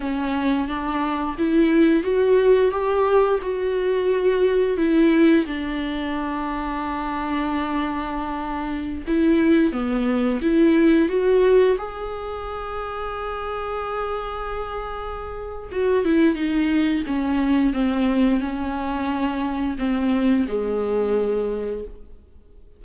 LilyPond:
\new Staff \with { instrumentName = "viola" } { \time 4/4 \tempo 4 = 88 cis'4 d'4 e'4 fis'4 | g'4 fis'2 e'4 | d'1~ | d'4~ d'16 e'4 b4 e'8.~ |
e'16 fis'4 gis'2~ gis'8.~ | gis'2. fis'8 e'8 | dis'4 cis'4 c'4 cis'4~ | cis'4 c'4 gis2 | }